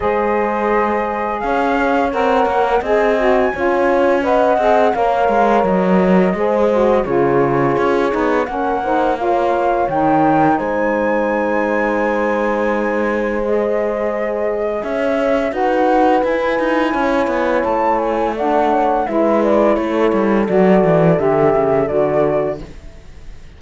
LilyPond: <<
  \new Staff \with { instrumentName = "flute" } { \time 4/4 \tempo 4 = 85 dis''2 f''4 fis''4 | gis''2 fis''4 f''4 | dis''2 cis''2 | fis''4 f''4 g''4 gis''4~ |
gis''2. dis''4~ | dis''4 e''4 fis''4 gis''4~ | gis''4 a''8 gis''8 fis''4 e''8 d''8 | cis''4 d''4 e''4 d''4 | }
  \new Staff \with { instrumentName = "horn" } { \time 4/4 c''2 cis''2 | dis''4 cis''4 dis''4 cis''4~ | cis''4 c''4 gis'2 | ais'8 c''8 cis''2 c''4~ |
c''1~ | c''4 cis''4 b'2 | cis''2 d''8 cis''8 b'4 | a'1 | }
  \new Staff \with { instrumentName = "saxophone" } { \time 4/4 gis'2. ais'4 | gis'8 fis'8 f'4 b'8 gis'8 ais'4~ | ais'4 gis'8 fis'8 f'4. dis'8 | cis'8 dis'8 f'4 dis'2~ |
dis'2. gis'4~ | gis'2 fis'4 e'4~ | e'2 d'4 e'4~ | e'4 fis'4 g'4 fis'4 | }
  \new Staff \with { instrumentName = "cello" } { \time 4/4 gis2 cis'4 c'8 ais8 | c'4 cis'4. c'8 ais8 gis8 | fis4 gis4 cis4 cis'8 b8 | ais2 dis4 gis4~ |
gis1~ | gis4 cis'4 dis'4 e'8 dis'8 | cis'8 b8 a2 gis4 | a8 g8 fis8 e8 d8 cis8 d4 | }
>>